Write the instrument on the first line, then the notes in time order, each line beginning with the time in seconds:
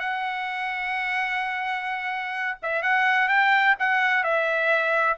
trumpet
0.00 F#5
2.62 E5
2.83 F#5
3.29 G5
3.80 F#5
4.24 E5